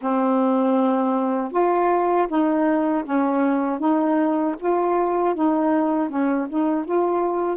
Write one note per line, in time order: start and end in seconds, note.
0.01 1.51 C4
1.51 2.27 F4
2.28 3.04 D#4
3.04 3.79 C#4
3.79 4.55 D#4
4.59 5.34 F4
5.34 6.09 D#4
6.09 6.47 C#4
6.49 6.85 D#4
6.85 7.57 F4